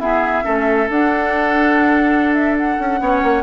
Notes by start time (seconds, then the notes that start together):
0.00 B3 E4 G#4 E5
0.44 A3 C#4 A4
0.89 D4 F#5
2.34 E5
2.58 F#5
2.79 C#4
3.01 B3 C#4 C#5
3.23 A#3